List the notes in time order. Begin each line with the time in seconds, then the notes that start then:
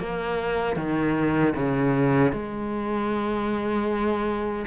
0.00 A#3
0.77 D#3
1.56 C#3
2.32 G#3